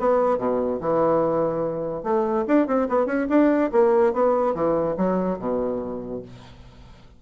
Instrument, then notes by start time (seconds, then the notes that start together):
bassoon
0.00 B3
0.38 B2
0.81 E3
2.03 A3
2.48 D4
2.67 C4
2.89 B3
3.06 C#4
3.29 D4
3.72 A#3
4.14 B3
4.55 E3
4.97 F#3
5.39 B2